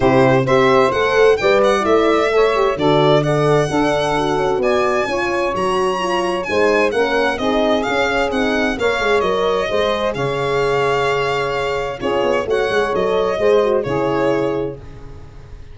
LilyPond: <<
  \new Staff \with { instrumentName = "violin" } { \time 4/4 \tempo 4 = 130 c''4 e''4 fis''4 g''8 fis''8 | e''2 d''4 fis''4~ | fis''2 gis''2 | ais''2 gis''4 fis''4 |
dis''4 f''4 fis''4 f''4 | dis''2 f''2~ | f''2 cis''4 fis''4 | dis''2 cis''2 | }
  \new Staff \with { instrumentName = "saxophone" } { \time 4/4 g'4 c''2 d''4~ | d''4 cis''4 a'4 d''4 | a'2 d''4 cis''4~ | cis''2 c''4 ais'4 |
gis'2. cis''4~ | cis''4 c''4 cis''2~ | cis''2 gis'4 cis''4~ | cis''4 c''4 gis'2 | }
  \new Staff \with { instrumentName = "horn" } { \time 4/4 e'4 g'4 a'4 b'4 | e'4 a'8 g'8 fis'4 a'4 | d'4 fis'2 f'4 | fis'4 f'4 dis'4 cis'4 |
dis'4 cis'4 dis'4 ais'8 gis'8 | ais'4 gis'2.~ | gis'2 f'4 fis'8 gis'8 | a'4 gis'8 fis'8 e'2 | }
  \new Staff \with { instrumentName = "tuba" } { \time 4/4 c4 c'4 a4 g4 | a2 d2 | d'4. cis'8 b4 cis'4 | fis2 gis4 ais4 |
c'4 cis'4 c'4 ais8 gis8 | fis4 gis4 cis2~ | cis2 cis'8 b8 a8 gis8 | fis4 gis4 cis2 | }
>>